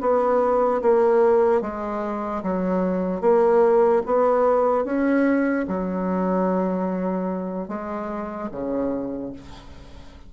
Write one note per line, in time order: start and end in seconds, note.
0.00 0.81 B3
0.81 1.61 A#3
1.61 2.42 G#3
2.43 3.21 F#3
3.21 4.02 A#3
4.06 4.84 B3
4.84 5.65 C#4
5.68 7.68 F#3
7.68 8.49 G#3
8.51 9.32 C#3